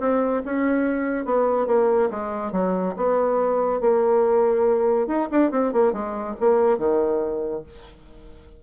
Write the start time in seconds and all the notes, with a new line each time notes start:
0.00 C4
0.45 C#4
1.25 B3
1.67 A#3
2.11 G#3
2.52 F#3
2.96 B3
3.81 A#3
5.07 D#4
5.31 D4
5.51 C4
5.73 A#3
5.93 G#3
6.40 A#3
6.78 D#3